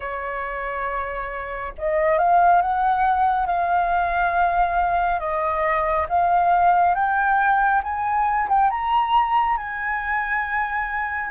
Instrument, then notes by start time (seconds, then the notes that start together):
flute
0.00 C#5
1.77 D#5
2.18 F5
2.61 F#5
3.46 F5
5.19 D#5
6.09 F5
6.94 G5
7.83 G#5
8.48 G5
8.70 A#5
9.57 G#5